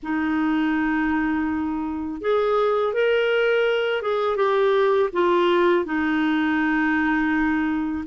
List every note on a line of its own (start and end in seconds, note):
0.02 2.21 D#4
2.21 2.93 G#4
2.93 4.02 A#4
4.02 4.36 G#4
4.36 5.09 G4
5.13 5.85 F4
5.85 8.05 D#4